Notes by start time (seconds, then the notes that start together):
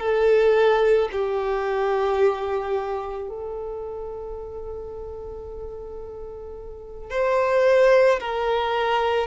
0.00 A4
1.12 G4
3.29 A4
7.11 C5
8.20 A#4